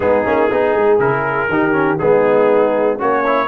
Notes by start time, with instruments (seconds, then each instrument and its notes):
0.00 tuba G#3, trombone B3, horn D#4, trumpet G#4
0.24 tuba A#3, trombone C#4
0.51 tuba B3, trombone D#4, horn G#4
0.74 tuba G#3
0.99 tuba C#3, trombone E4, trumpet A#4
1.48 tuba D#3, trombone D#4, horn G4
1.72 trombone C#4
1.98 tuba G#3, trombone B3, horn D#4, trumpet G#4
2.97 tuba A#3, horn C#4, trombone F#4, trumpet C#5
3.26 trombone E4